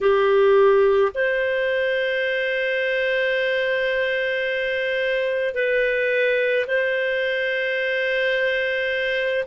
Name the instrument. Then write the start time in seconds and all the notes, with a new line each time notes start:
clarinet
0.01 G4
1.14 C5
5.54 B4
6.67 C5